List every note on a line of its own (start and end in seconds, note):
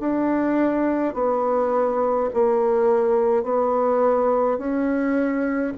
0.00 1.14 D4
1.14 2.29 B3
2.33 3.43 A#3
3.43 4.58 B3
4.58 5.73 C#4